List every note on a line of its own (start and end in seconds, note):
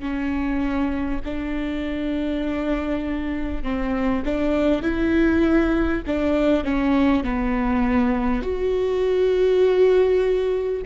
0.00 1.20 C#4
1.25 3.63 D4
3.63 4.23 C4
4.25 4.83 D4
4.83 6.03 E4
6.07 6.64 D4
6.64 7.24 C#4
7.24 8.43 B3
8.43 10.83 F#4